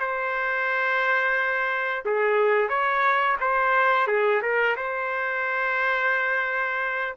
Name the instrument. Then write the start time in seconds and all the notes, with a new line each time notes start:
trumpet
0.00 C5
2.06 G#4
2.69 C#5
3.41 C5
4.08 G#4
4.42 A#4
4.77 C5